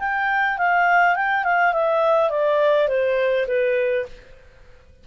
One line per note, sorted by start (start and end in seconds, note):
0.00 0.58 G5
0.58 1.16 F5
1.16 1.44 G5
1.44 1.73 F5
1.74 2.30 E5
2.30 2.89 D5
2.89 3.47 C5
3.48 4.06 B4